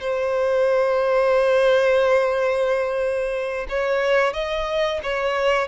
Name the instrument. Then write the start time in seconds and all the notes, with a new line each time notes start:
violin
0.00 C5
3.69 C#5
4.33 D#5
5.03 C#5